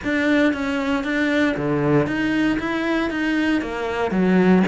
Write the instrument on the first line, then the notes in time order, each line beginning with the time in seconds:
cello
0.04 D4
0.53 C#4
1.03 D4
1.56 D3
2.06 D#4
2.59 E4
3.10 D#4
3.61 A#3
4.11 F#3